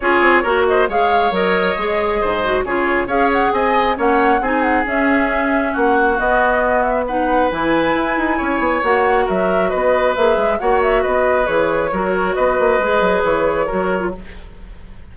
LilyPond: <<
  \new Staff \with { instrumentName = "flute" } { \time 4/4 \tempo 4 = 136 cis''4. dis''8 f''4 dis''4~ | dis''2 cis''4 f''8 fis''8 | gis''4 fis''4 gis''8 fis''8 e''4~ | e''4 fis''4 dis''4. e''8 |
fis''4 gis''2. | fis''4 e''4 dis''4 e''4 | fis''8 e''8 dis''4 cis''2 | dis''2 cis''2 | }
  \new Staff \with { instrumentName = "oboe" } { \time 4/4 gis'4 ais'8 c''8 cis''2~ | cis''4 c''4 gis'4 cis''4 | dis''4 cis''4 gis'2~ | gis'4 fis'2. |
b'2. cis''4~ | cis''4 ais'4 b'2 | cis''4 b'2 ais'4 | b'2. ais'4 | }
  \new Staff \with { instrumentName = "clarinet" } { \time 4/4 f'4 fis'4 gis'4 ais'4 | gis'4. fis'8 f'4 gis'4~ | gis'4 cis'4 dis'4 cis'4~ | cis'2 b2 |
dis'4 e'2. | fis'2. gis'4 | fis'2 gis'4 fis'4~ | fis'4 gis'2 fis'8. f'16 | }
  \new Staff \with { instrumentName = "bassoon" } { \time 4/4 cis'8 c'8 ais4 gis4 fis4 | gis4 gis,4 cis4 cis'4 | c'4 ais4 c'4 cis'4~ | cis'4 ais4 b2~ |
b4 e4 e'8 dis'8 cis'8 b8 | ais4 fis4 b4 ais8 gis8 | ais4 b4 e4 fis4 | b8 ais8 gis8 fis8 e4 fis4 | }
>>